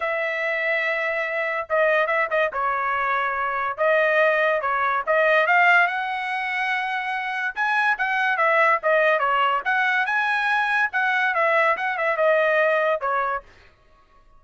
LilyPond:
\new Staff \with { instrumentName = "trumpet" } { \time 4/4 \tempo 4 = 143 e''1 | dis''4 e''8 dis''8 cis''2~ | cis''4 dis''2 cis''4 | dis''4 f''4 fis''2~ |
fis''2 gis''4 fis''4 | e''4 dis''4 cis''4 fis''4 | gis''2 fis''4 e''4 | fis''8 e''8 dis''2 cis''4 | }